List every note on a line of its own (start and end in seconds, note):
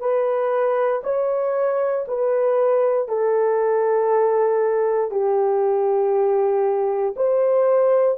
0.00 1.02 B4
1.04 2.06 C#5
2.08 3.09 B4
3.09 5.12 A4
5.12 7.15 G4
7.16 8.18 C5